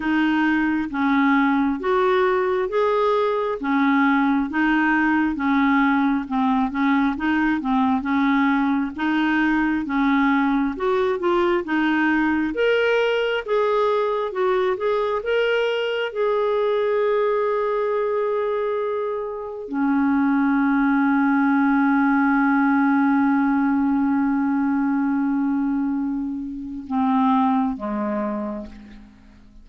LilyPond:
\new Staff \with { instrumentName = "clarinet" } { \time 4/4 \tempo 4 = 67 dis'4 cis'4 fis'4 gis'4 | cis'4 dis'4 cis'4 c'8 cis'8 | dis'8 c'8 cis'4 dis'4 cis'4 | fis'8 f'8 dis'4 ais'4 gis'4 |
fis'8 gis'8 ais'4 gis'2~ | gis'2 cis'2~ | cis'1~ | cis'2 c'4 gis4 | }